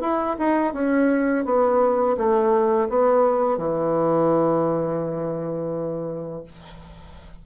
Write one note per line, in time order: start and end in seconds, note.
0.00 0.36 E4
0.38 0.73 D#4
0.73 1.45 C#4
1.45 2.16 B3
2.17 2.88 A3
2.89 3.57 B3
3.57 6.43 E3